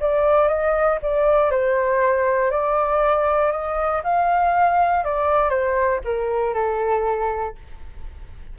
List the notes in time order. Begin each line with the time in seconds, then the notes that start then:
0.00 D5
0.48 D#5
1.02 D5
1.51 C5
2.50 D5
3.52 D#5
4.03 F5
5.04 D5
5.50 C5
6.04 A#4
6.54 A4